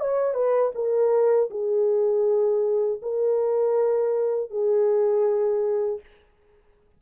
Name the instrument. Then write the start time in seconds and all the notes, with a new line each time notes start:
horn
0.00 C#5
0.34 B4
0.75 A#4
1.50 G#4
3.02 A#4
4.50 G#4